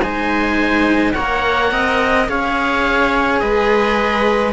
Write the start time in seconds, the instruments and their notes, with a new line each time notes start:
0.00 cello G#3 D#4, viola C5, oboe G#5
1.13 cello A#3 A#4, viola C#5, oboe F#5
1.72 cello C4, viola D#5
2.29 cello C#4 G#4, viola C#5, oboe F5
3.40 cello G#3, viola B4, oboe D#5